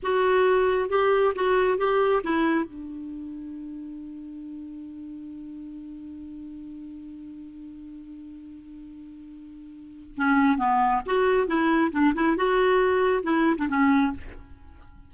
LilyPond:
\new Staff \with { instrumentName = "clarinet" } { \time 4/4 \tempo 4 = 136 fis'2 g'4 fis'4 | g'4 e'4 d'2~ | d'1~ | d'1~ |
d'1~ | d'2. cis'4 | b4 fis'4 e'4 d'8 e'8 | fis'2 e'8. d'16 cis'4 | }